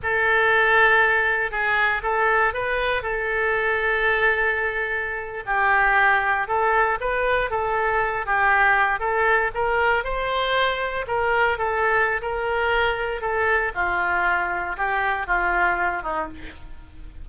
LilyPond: \new Staff \with { instrumentName = "oboe" } { \time 4/4 \tempo 4 = 118 a'2. gis'4 | a'4 b'4 a'2~ | a'2~ a'8. g'4~ g'16~ | g'8. a'4 b'4 a'4~ a'16~ |
a'16 g'4. a'4 ais'4 c''16~ | c''4.~ c''16 ais'4 a'4~ a'16 | ais'2 a'4 f'4~ | f'4 g'4 f'4. dis'8 | }